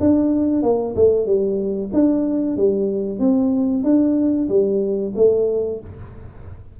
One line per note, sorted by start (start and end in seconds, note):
0.00 0.62 D4
0.62 0.95 A#3
0.95 1.26 A3
1.26 1.90 G3
1.93 2.57 D4
2.57 3.19 G3
3.19 3.84 C4
3.84 4.48 D4
4.49 5.13 G3
5.16 5.80 A3